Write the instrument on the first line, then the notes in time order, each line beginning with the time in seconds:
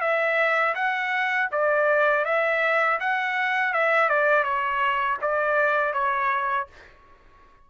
trumpet
0.00 E5
0.74 F#5
1.51 D5
2.25 E5
3.00 F#5
3.73 E5
4.09 D5
4.43 C#5
5.21 D5
5.93 C#5